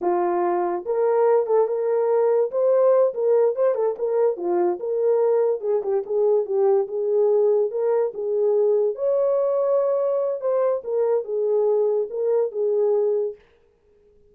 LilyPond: \new Staff \with { instrumentName = "horn" } { \time 4/4 \tempo 4 = 144 f'2 ais'4. a'8 | ais'2 c''4. ais'8~ | ais'8 c''8 a'8 ais'4 f'4 ais'8~ | ais'4. gis'8 g'8 gis'4 g'8~ |
g'8 gis'2 ais'4 gis'8~ | gis'4. cis''2~ cis''8~ | cis''4 c''4 ais'4 gis'4~ | gis'4 ais'4 gis'2 | }